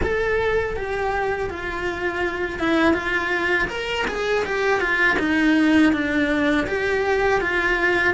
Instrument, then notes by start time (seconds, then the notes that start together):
cello
0.03 A4
0.76 G4
1.50 F4
2.59 E4
2.93 F4
3.68 A#4
4.07 G#4
4.45 G4
4.80 F4
5.19 D#4
5.93 D4
6.67 G4
7.41 F4